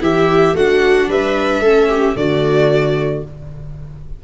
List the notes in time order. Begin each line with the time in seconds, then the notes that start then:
0.00 E3 E4 G4 E5
0.53 A3 D4 F#4 F#5
1.08 G3 B4 E5
1.60 A3 C#4 A4
1.88 G4
2.15 D3 A3 F#4 D5